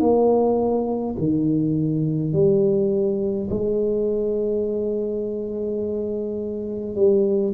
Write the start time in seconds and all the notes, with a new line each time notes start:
0.00 A#3
1.18 D#3
2.33 G3
3.50 G#3
6.95 G3